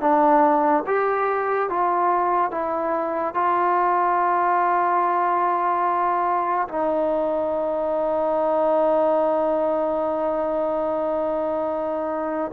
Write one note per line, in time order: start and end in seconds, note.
0.00 0.83 D4
0.86 1.69 G4
1.69 2.51 F4
2.51 3.34 E4
3.34 6.67 F4
6.68 12.51 D#4